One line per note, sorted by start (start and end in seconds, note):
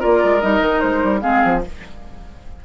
0.00 0.24 A#3
0.00 0.40 F4
0.00 1.21 A#4
0.00 0.41 D5
0.24 0.43 G#3
0.41 0.61 G3
0.41 1.21 D#4
0.41 0.80 D#5
0.61 0.81 D#3
0.80 1.03 G#3
0.80 1.21 C5
1.03 1.24 G3
1.21 1.44 G#3
1.21 1.62 C4
1.21 1.63 G#4
1.21 1.62 F5
1.45 1.65 F3